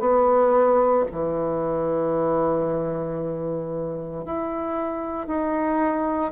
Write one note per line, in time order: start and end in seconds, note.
0.00 1.05 B3
1.12 4.25 E3
4.25 5.27 E4
5.27 6.32 D#4